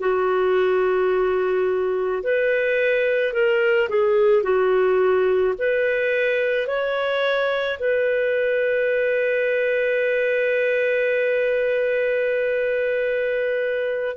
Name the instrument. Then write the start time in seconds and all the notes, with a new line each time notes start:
clarinet
0.00 F#4
2.23 B4
3.33 A#4
3.89 G#4
4.43 F#4
5.58 B4
6.67 C#5
7.79 B4